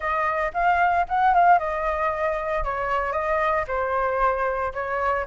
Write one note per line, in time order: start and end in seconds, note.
0.00 0.52 D#5
0.53 1.06 F5
1.08 1.34 F#5
1.34 1.58 F5
1.58 2.63 D#5
2.63 3.12 C#5
3.12 3.64 D#5
3.67 4.72 C5
4.73 5.26 C#5